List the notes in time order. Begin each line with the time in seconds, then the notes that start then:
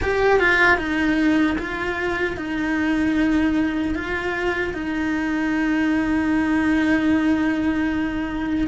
0.02 G4
0.39 F4
0.77 D#4
1.58 F4
2.36 D#4
3.94 F4
4.73 D#4